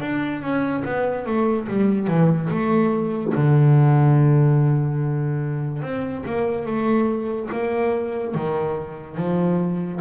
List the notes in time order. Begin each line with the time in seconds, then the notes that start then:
0.00 D4
0.41 C#4
0.84 B3
1.25 A3
1.67 G3
2.07 E3
2.50 A3
3.34 D3
5.82 C4
6.25 A#3
6.66 A3
7.51 A#3
8.34 D#3
9.17 F3